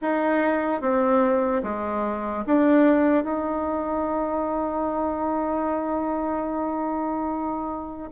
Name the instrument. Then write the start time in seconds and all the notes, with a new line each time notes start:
bassoon
0.01 D#4
0.81 C4
1.63 G#3
2.46 D4
3.24 D#4